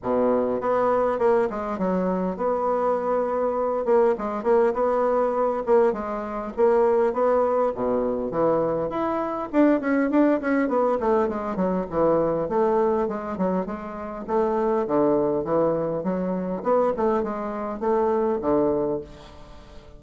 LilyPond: \new Staff \with { instrumentName = "bassoon" } { \time 4/4 \tempo 4 = 101 b,4 b4 ais8 gis8 fis4 | b2~ b8 ais8 gis8 ais8 | b4. ais8 gis4 ais4 | b4 b,4 e4 e'4 |
d'8 cis'8 d'8 cis'8 b8 a8 gis8 fis8 | e4 a4 gis8 fis8 gis4 | a4 d4 e4 fis4 | b8 a8 gis4 a4 d4 | }